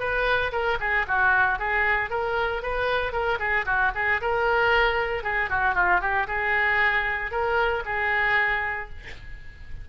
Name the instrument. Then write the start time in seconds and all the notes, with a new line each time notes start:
oboe
0.00 B4
0.52 A#4
0.80 G#4
1.08 F#4
1.59 G#4
2.10 A#4
2.63 B4
3.13 A#4
3.40 G#4
3.66 F#4
3.95 G#4
4.21 A#4
5.24 G#4
5.50 F#4
5.75 F4
6.01 G4
6.28 G#4
7.32 A#4
7.85 G#4